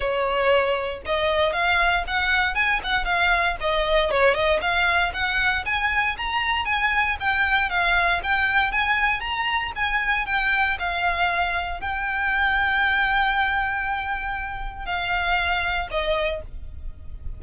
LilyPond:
\new Staff \with { instrumentName = "violin" } { \time 4/4 \tempo 4 = 117 cis''2 dis''4 f''4 | fis''4 gis''8 fis''8 f''4 dis''4 | cis''8 dis''8 f''4 fis''4 gis''4 | ais''4 gis''4 g''4 f''4 |
g''4 gis''4 ais''4 gis''4 | g''4 f''2 g''4~ | g''1~ | g''4 f''2 dis''4 | }